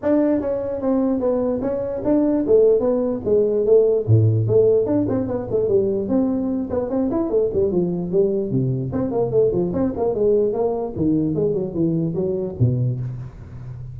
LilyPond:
\new Staff \with { instrumentName = "tuba" } { \time 4/4 \tempo 4 = 148 d'4 cis'4 c'4 b4 | cis'4 d'4 a4 b4 | gis4 a4 a,4 a4 | d'8 c'8 b8 a8 g4 c'4~ |
c'8 b8 c'8 e'8 a8 g8 f4 | g4 c4 c'8 ais8 a8 f8 | c'8 ais8 gis4 ais4 dis4 | gis8 fis8 e4 fis4 b,4 | }